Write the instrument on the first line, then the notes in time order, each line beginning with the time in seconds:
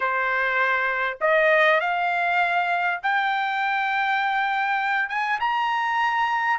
trumpet
0.00 C5
1.21 D#5
1.80 F5
3.02 G5
5.09 G#5
5.40 A#5